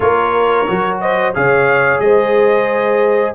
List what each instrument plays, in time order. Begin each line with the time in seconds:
0.00 tuba A#3, trombone F4, horn A#4, trumpet C#5
0.67 tuba F#3, trombone F#4
1.00 horn C5, trumpet D#5
1.34 tuba C#3, trombone G#4, horn C#5, trumpet F5
1.99 tuba G#3, horn C5, trumpet D#5